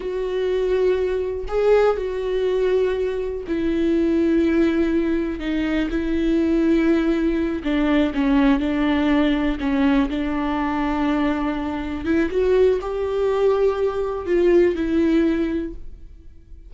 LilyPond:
\new Staff \with { instrumentName = "viola" } { \time 4/4 \tempo 4 = 122 fis'2. gis'4 | fis'2. e'4~ | e'2. dis'4 | e'2.~ e'8 d'8~ |
d'8 cis'4 d'2 cis'8~ | cis'8 d'2.~ d'8~ | d'8 e'8 fis'4 g'2~ | g'4 f'4 e'2 | }